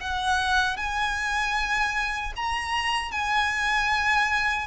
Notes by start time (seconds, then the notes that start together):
0.00 F#5
0.77 G#5
2.36 A#5
3.11 G#5